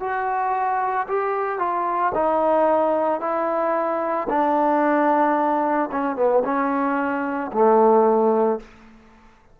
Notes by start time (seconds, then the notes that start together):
0.00 F#4
1.08 G4
1.59 F4
2.15 D#4
3.21 E4
4.29 D4
5.92 C#4
6.16 B3
6.44 C#4
7.52 A3